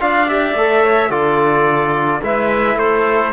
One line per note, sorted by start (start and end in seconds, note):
0.00 0.54 D4
0.00 0.28 F4
0.00 0.84 D5
0.00 0.29 F5
0.28 0.56 G4
0.28 1.11 E5
0.54 1.09 A3
0.54 1.10 A4
0.84 1.09 C#5
1.09 2.21 D3
1.09 2.21 F4
1.09 2.20 A4
1.09 2.22 D5
2.23 2.76 G#3
2.23 3.33 E4
2.23 2.77 B4
2.23 2.79 E5
2.76 3.32 A3
2.76 3.33 A4
2.76 3.33 C5